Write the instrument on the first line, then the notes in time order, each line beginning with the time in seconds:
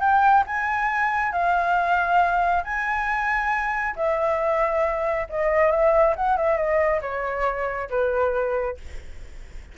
flute
0.00 G5
0.47 G#5
1.32 F5
2.64 G#5
3.96 E5
5.29 D#5
5.71 E5
6.16 F#5
6.37 E5
6.57 D#5
7.02 C#5
7.90 B4